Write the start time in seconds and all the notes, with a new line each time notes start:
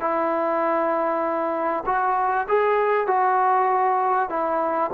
0.00 E4
1.86 F#4
2.48 G#4
3.07 F#4
4.29 E4